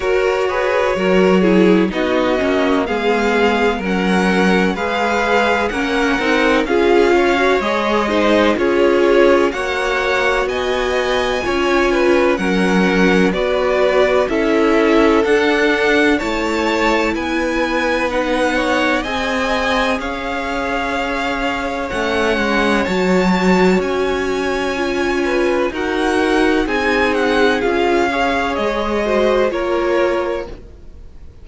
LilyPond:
<<
  \new Staff \with { instrumentName = "violin" } { \time 4/4 \tempo 4 = 63 cis''2 dis''4 f''4 | fis''4 f''4 fis''4 f''4 | dis''4 cis''4 fis''4 gis''4~ | gis''4 fis''4 d''4 e''4 |
fis''4 a''4 gis''4 fis''4 | gis''4 f''2 fis''4 | a''4 gis''2 fis''4 | gis''8 fis''8 f''4 dis''4 cis''4 | }
  \new Staff \with { instrumentName = "violin" } { \time 4/4 ais'8 b'8 ais'8 gis'8 fis'4 gis'4 | ais'4 b'4 ais'4 gis'8 cis''8~ | cis''8 c''8 gis'4 cis''4 dis''4 | cis''8 b'8 ais'4 b'4 a'4~ |
a'4 cis''4 b'4. cis''8 | dis''4 cis''2.~ | cis''2~ cis''8 b'8 ais'4 | gis'4. cis''4 c''8 ais'4 | }
  \new Staff \with { instrumentName = "viola" } { \time 4/4 fis'8 gis'8 fis'8 e'8 dis'8 cis'8 b4 | cis'4 gis'4 cis'8 dis'8 f'8. fis'16 | gis'8 dis'8 f'4 fis'2 | f'4 cis'4 fis'4 e'4 |
d'4 e'2 dis'4 | gis'2. cis'4 | fis'2 f'4 fis'4 | dis'4 f'8 gis'4 fis'8 f'4 | }
  \new Staff \with { instrumentName = "cello" } { \time 4/4 fis'4 fis4 b8 ais8 gis4 | fis4 gis4 ais8 c'8 cis'4 | gis4 cis'4 ais4 b4 | cis'4 fis4 b4 cis'4 |
d'4 a4 b2 | c'4 cis'2 a8 gis8 | fis4 cis'2 dis'4 | c'4 cis'4 gis4 ais4 | }
>>